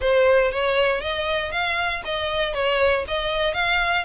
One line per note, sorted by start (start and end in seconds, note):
0.00 0.51 C5
0.51 1.01 C#5
1.01 1.51 D#5
1.51 2.02 F5
2.05 2.54 D#5
2.54 3.04 C#5
3.07 3.53 D#5
3.53 4.04 F5